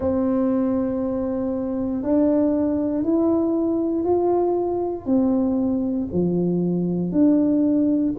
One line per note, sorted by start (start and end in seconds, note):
0.00 2.02 C4
2.02 3.03 D4
3.03 4.04 E4
4.04 5.05 F4
5.05 6.07 C4
6.12 7.11 F3
7.11 8.13 D4